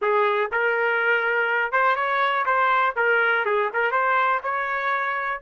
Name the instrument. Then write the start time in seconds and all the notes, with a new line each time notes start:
trumpet
0.01 G#4
0.51 A#4
1.71 C5
1.95 C#5
2.45 C5
2.96 A#4
3.45 G#4
3.73 A#4
3.91 C5
4.43 C#5